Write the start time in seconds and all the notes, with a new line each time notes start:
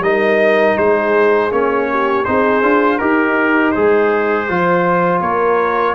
0.00 G3 D#4 A#4 D#5
0.77 G#3 G#4 C5
1.51 A#3 C#4 C#5
1.90 G4
2.24 C4 D#4 G#4 C5
2.62 D4 F4
2.98 D#4 G4 A#4
3.71 G#3 G#4 C5
4.49 F3 F4 C5
5.20 A#3 A#4 C#5